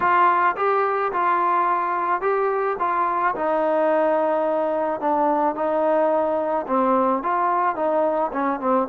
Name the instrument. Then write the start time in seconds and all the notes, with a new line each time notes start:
trombone
0.00 F4
0.56 G4
1.12 F4
2.21 G4
2.79 F4
3.35 D#4
5.00 D4
5.55 D#4
6.67 C4
7.22 F4
7.75 D#4
8.32 C#4
8.60 C4